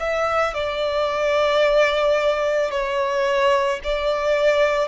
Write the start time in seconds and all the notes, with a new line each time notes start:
0.00 E5
0.55 D5
2.71 C#5
3.84 D5